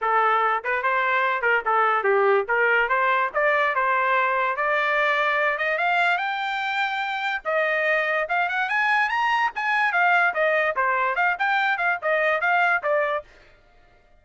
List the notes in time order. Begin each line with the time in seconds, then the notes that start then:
0.01 A4
0.64 B4
0.82 C5
1.41 A#4
1.65 A4
2.03 G4
2.48 A#4
2.89 C5
3.33 D5
3.75 C5
4.56 D5
5.57 D#5
5.77 F5
6.17 G5
7.44 D#5
8.29 F5
8.48 F#5
8.69 G#5
9.09 A#5
9.55 G#5
9.92 F5
10.34 D#5
10.75 C5
11.15 F5
11.38 G5
11.77 F5
12.02 D#5
12.40 F5
12.82 D5